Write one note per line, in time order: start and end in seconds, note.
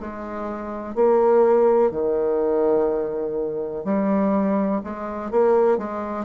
0.00 0.95 G#3
0.95 1.91 A#3
1.91 3.84 D#3
3.84 4.81 G3
4.83 5.31 G#3
5.31 5.78 A#3
5.78 6.25 G#3